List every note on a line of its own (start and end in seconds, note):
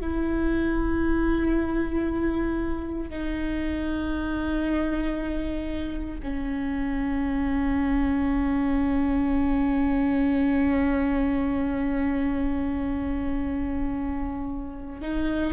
0.00 3.09 E4
3.09 6.20 D#4
6.22 15.01 C#4
15.01 15.53 D#4